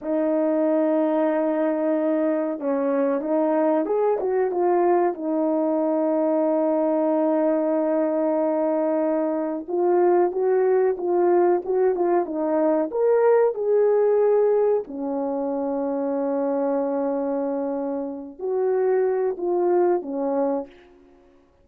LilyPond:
\new Staff \with { instrumentName = "horn" } { \time 4/4 \tempo 4 = 93 dis'1 | cis'4 dis'4 gis'8 fis'8 f'4 | dis'1~ | dis'2. f'4 |
fis'4 f'4 fis'8 f'8 dis'4 | ais'4 gis'2 cis'4~ | cis'1~ | cis'8 fis'4. f'4 cis'4 | }